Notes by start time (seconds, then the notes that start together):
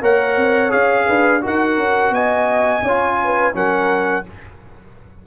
0.00 A#3 A#4 C#5 F#5
0.36 C4
0.70 C#4 G#4 F5
1.06 D4 B4
1.41 D#4 F#4 A#4 F#5
1.77 C#4
2.10 B3 D#5 G#5
2.82 C#4 C#5
2.88 F4
3.24 B4
3.53 F#3 C#4 A#4 F#5